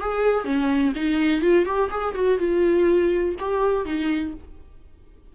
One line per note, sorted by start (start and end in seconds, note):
0.00 0.45 G#4
0.45 0.93 C#4
0.95 1.41 D#4
1.41 1.65 F4
1.65 1.90 G4
1.91 2.15 G#4
2.15 2.39 F#4
2.39 3.35 F4
3.39 3.85 G4
3.85 4.34 D#4